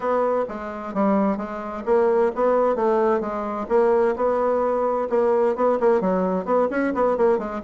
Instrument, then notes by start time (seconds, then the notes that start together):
bassoon
0.00 B3
0.48 G#3
0.94 G3
1.37 G#3
1.85 A#3
2.35 B3
2.75 A3
3.20 G#3
3.68 A#3
4.16 B3
5.09 A#3
5.55 B3
5.79 A#3
6.00 F#3
6.45 B3
6.70 C#4
6.94 B3
7.17 A#3
7.38 G#3